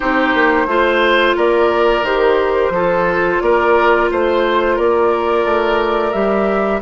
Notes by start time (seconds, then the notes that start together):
0.00 C4 D#4 G4 C5
0.34 A#3
0.66 A3 F4 C5
1.36 A#3 A#4 D5
2.02 D#3 G4 C5
2.69 F3 F4 A4
3.40 A#3 A#4 D5
4.10 A3 C5
4.75 A#3 A#4 D5
5.44 A3
6.12 G3 G4 E5